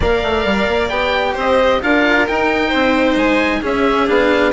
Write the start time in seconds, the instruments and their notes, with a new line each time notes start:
0.00 bassoon A#3, cello A#4, violin D5, oboe F5
0.22 bassoon A3
0.45 bassoon G3
0.67 bassoon A#3
0.89 bassoon B3, cello G4, oboe G5
1.33 bassoon C4, violin C5
1.39 oboe D#5
1.82 bassoon D4, cello F4, violin A#4, oboe F5
2.27 cello D#4, bassoon D#4, oboe G5
2.68 bassoon C4, violin C5
3.15 bassoon G#3, oboe G#5
3.61 cello C#4, bassoon C#4, violin G#4, oboe E5
4.07 bassoon B3, cello D4, oboe F5